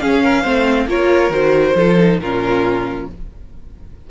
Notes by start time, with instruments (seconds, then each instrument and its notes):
0.00 viola C#4, cello C#4, violin G#4 F5
0.23 violin A#4
0.42 cello A3, viola C4, violin C5
0.86 cello A#3, viola F4, violin A#4 C#5
1.30 cello D#3, viola F#4, violin C5
1.76 cello F3, viola F4, violin A4
1.98 viola D#4
2.19 cello A#2, viola C#4, violin F4 A#4